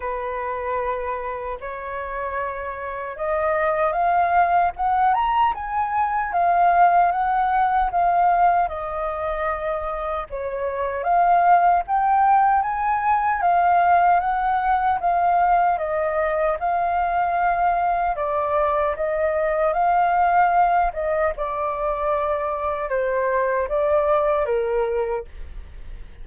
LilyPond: \new Staff \with { instrumentName = "flute" } { \time 4/4 \tempo 4 = 76 b'2 cis''2 | dis''4 f''4 fis''8 ais''8 gis''4 | f''4 fis''4 f''4 dis''4~ | dis''4 cis''4 f''4 g''4 |
gis''4 f''4 fis''4 f''4 | dis''4 f''2 d''4 | dis''4 f''4. dis''8 d''4~ | d''4 c''4 d''4 ais'4 | }